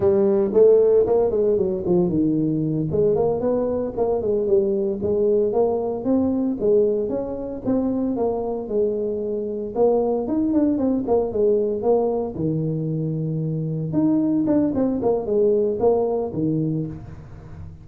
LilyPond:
\new Staff \with { instrumentName = "tuba" } { \time 4/4 \tempo 4 = 114 g4 a4 ais8 gis8 fis8 f8 | dis4. gis8 ais8 b4 ais8 | gis8 g4 gis4 ais4 c'8~ | c'8 gis4 cis'4 c'4 ais8~ |
ais8 gis2 ais4 dis'8 | d'8 c'8 ais8 gis4 ais4 dis8~ | dis2~ dis8 dis'4 d'8 | c'8 ais8 gis4 ais4 dis4 | }